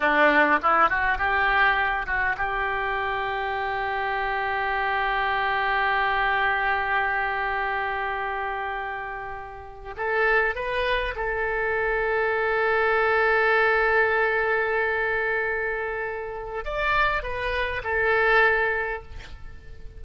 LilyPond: \new Staff \with { instrumentName = "oboe" } { \time 4/4 \tempo 4 = 101 d'4 e'8 fis'8 g'4. fis'8 | g'1~ | g'1~ | g'1~ |
g'8. a'4 b'4 a'4~ a'16~ | a'1~ | a'1 | d''4 b'4 a'2 | }